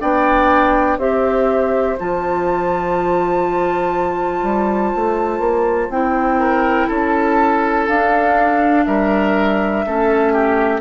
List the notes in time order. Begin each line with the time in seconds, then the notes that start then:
0.00 B3 D4 D5 G5
0.97 C4 G4 C5 E5
1.99 F3 F4 A5
4.43 G3
4.95 A3
5.39 A#3
5.89 C4 E4 G5
6.39 A#4
6.87 C#4 A4
6.94 A5
7.88 D4 F5
8.85 G3 A#4 E5
9.86 A3 C#4 A4
10.32 G4